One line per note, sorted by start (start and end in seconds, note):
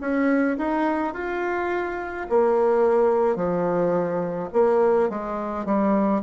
0.00 0.57 C#4
0.58 1.13 D#4
1.13 2.26 F4
2.29 3.36 A#3
3.36 4.49 F3
4.52 5.09 A#3
5.09 5.65 G#3
5.65 6.22 G3